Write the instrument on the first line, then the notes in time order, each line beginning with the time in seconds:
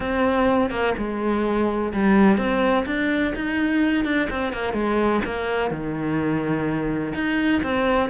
cello
0.00 C4
0.70 A#3
0.97 G#3
1.93 G3
2.37 C4
2.85 D4
3.35 D#4
4.04 D4
4.30 C4
4.52 A#3
4.73 G#3
5.25 A#3
5.71 D#3
7.14 D#4
7.62 C4